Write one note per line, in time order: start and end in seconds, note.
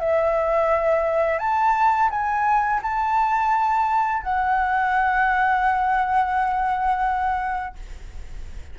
0.00 1.39 E5
1.39 2.10 A5
2.11 2.81 G#5
2.83 4.23 A5
4.23 7.76 F#5